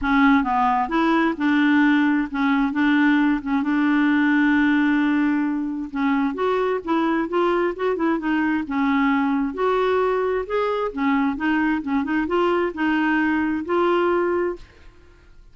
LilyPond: \new Staff \with { instrumentName = "clarinet" } { \time 4/4 \tempo 4 = 132 cis'4 b4 e'4 d'4~ | d'4 cis'4 d'4. cis'8 | d'1~ | d'4 cis'4 fis'4 e'4 |
f'4 fis'8 e'8 dis'4 cis'4~ | cis'4 fis'2 gis'4 | cis'4 dis'4 cis'8 dis'8 f'4 | dis'2 f'2 | }